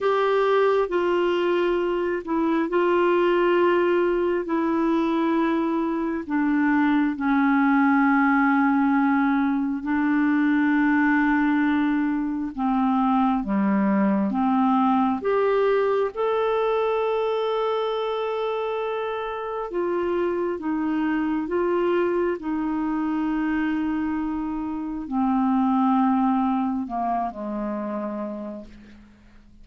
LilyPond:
\new Staff \with { instrumentName = "clarinet" } { \time 4/4 \tempo 4 = 67 g'4 f'4. e'8 f'4~ | f'4 e'2 d'4 | cis'2. d'4~ | d'2 c'4 g4 |
c'4 g'4 a'2~ | a'2 f'4 dis'4 | f'4 dis'2. | c'2 ais8 gis4. | }